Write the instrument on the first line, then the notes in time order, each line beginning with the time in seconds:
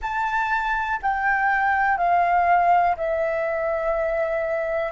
flute
0.01 A5
1.02 G5
1.97 F5
2.96 E5